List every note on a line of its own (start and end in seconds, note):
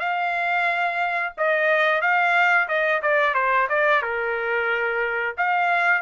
0.00 1.33 F5
1.37 2.01 D#5
2.01 2.68 F5
2.68 3.02 D#5
3.02 3.34 D5
3.34 3.68 C5
3.69 4.02 D5
4.02 5.35 A#4
5.37 6.02 F5